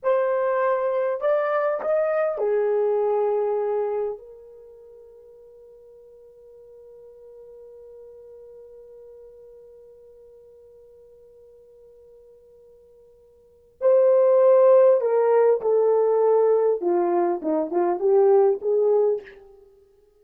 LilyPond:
\new Staff \with { instrumentName = "horn" } { \time 4/4 \tempo 4 = 100 c''2 d''4 dis''4 | gis'2. ais'4~ | ais'1~ | ais'1~ |
ais'1~ | ais'2. c''4~ | c''4 ais'4 a'2 | f'4 dis'8 f'8 g'4 gis'4 | }